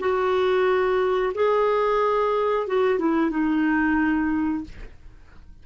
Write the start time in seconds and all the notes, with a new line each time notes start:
0.00 F#4
1.35 G#4
2.68 F#4
2.99 E4
3.31 D#4